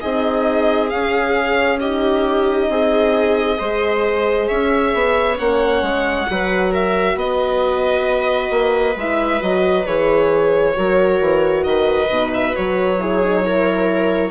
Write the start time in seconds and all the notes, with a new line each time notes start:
0.00 C4 D#4 G#4 D#5
0.89 C#4 F5
1.79 D#4 G4 D#5
2.69 C4 G#4
3.58 G#3 G#4 C5
4.47 C#4 C#5 E5
4.94 B3
5.37 A#3 C#4 F#5
5.82 G#3
6.26 F#3 F#4 B4
6.72 A#4 E5
7.15 B3 B4 D#5
8.50 A#3
8.96 G#3 E4 E5
9.39 F#3 F#4 D#5
9.85 E3 G#4 C#5
10.74 F#3 F#4 A#4
11.21 E3
11.63 D#3 B4 D#5
12.09 B2 D#4
12.33 E5
12.53 F#3 F#4 C#5
12.99 E4 G#4
13.23 D#4
13.42 E4 A#4